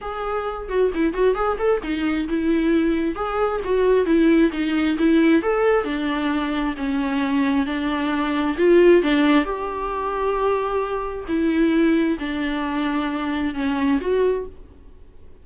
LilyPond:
\new Staff \with { instrumentName = "viola" } { \time 4/4 \tempo 4 = 133 gis'4. fis'8 e'8 fis'8 gis'8 a'8 | dis'4 e'2 gis'4 | fis'4 e'4 dis'4 e'4 | a'4 d'2 cis'4~ |
cis'4 d'2 f'4 | d'4 g'2.~ | g'4 e'2 d'4~ | d'2 cis'4 fis'4 | }